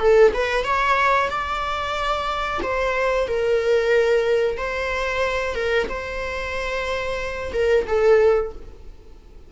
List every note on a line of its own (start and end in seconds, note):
0.00 0.33 A4
0.34 0.64 B4
0.64 1.30 C#5
1.30 2.60 D5
2.63 3.28 C5
3.28 4.58 A#4
4.58 5.55 C5
5.55 5.88 A#4
5.90 7.53 C5
7.54 7.86 A#4
7.87 8.53 A4